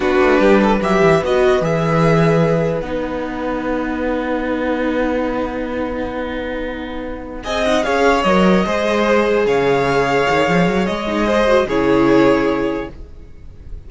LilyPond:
<<
  \new Staff \with { instrumentName = "violin" } { \time 4/4 \tempo 4 = 149 b'2 e''4 dis''4 | e''2. fis''4~ | fis''1~ | fis''1~ |
fis''2~ fis''8 gis''8 fis''8 f''8~ | f''8 dis''2. f''8~ | f''2. dis''4~ | dis''4 cis''2. | }
  \new Staff \with { instrumentName = "violin" } { \time 4/4 fis'4 g'8 a'8 b'2~ | b'1~ | b'1~ | b'1~ |
b'2~ b'8 dis''4 cis''8~ | cis''4. c''2 cis''8~ | cis''1 | c''4 gis'2. | }
  \new Staff \with { instrumentName = "viola" } { \time 4/4 d'2 g'4 fis'4 | gis'2. dis'4~ | dis'1~ | dis'1~ |
dis'2~ dis'8 gis'8 dis'8 gis'8~ | gis'8 ais'4 gis'2~ gis'8~ | gis'2.~ gis'8 dis'8 | gis'8 fis'8 e'2. | }
  \new Staff \with { instrumentName = "cello" } { \time 4/4 b8 a8 g4 fis8 e8 b4 | e2. b4~ | b1~ | b1~ |
b2~ b8 c'4 cis'8~ | cis'8 fis4 gis2 cis8~ | cis4. dis8 f8 fis8 gis4~ | gis4 cis2. | }
>>